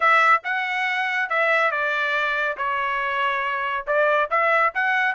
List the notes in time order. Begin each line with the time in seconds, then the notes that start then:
0.00 E5
0.43 F#5
1.29 E5
1.71 D5
2.57 C#5
3.86 D5
4.30 E5
4.74 F#5